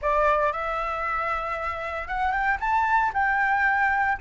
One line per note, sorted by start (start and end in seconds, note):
0.01 0.52 D5
0.52 2.07 E5
2.07 2.31 F#5
2.31 2.57 G5
2.59 3.12 A5
3.13 4.18 G5